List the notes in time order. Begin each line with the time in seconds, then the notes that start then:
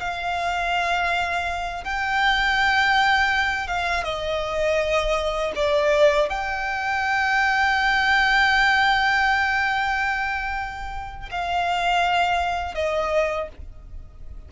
0.00 F5
1.85 G5
3.68 F5
4.04 D#5
5.56 D5
6.30 G5
11.31 F5
12.74 D#5